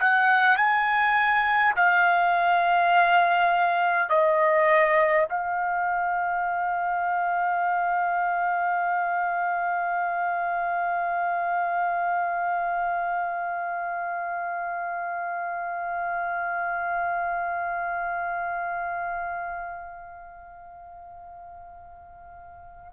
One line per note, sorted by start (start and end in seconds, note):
0.00 0.57 F#5
0.57 1.75 G#5
1.76 4.10 F5
4.10 5.27 D#5
5.29 22.93 F5